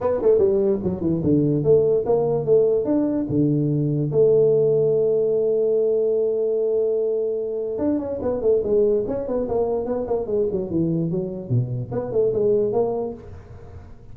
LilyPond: \new Staff \with { instrumentName = "tuba" } { \time 4/4 \tempo 4 = 146 b8 a8 g4 fis8 e8 d4 | a4 ais4 a4 d'4 | d2 a2~ | a1~ |
a2. d'8 cis'8 | b8 a8 gis4 cis'8 b8 ais4 | b8 ais8 gis8 fis8 e4 fis4 | b,4 b8 a8 gis4 ais4 | }